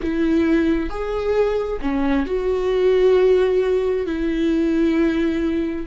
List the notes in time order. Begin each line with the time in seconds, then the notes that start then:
0.02 E4
0.89 G#4
1.81 C#4
2.26 F#4
4.06 E4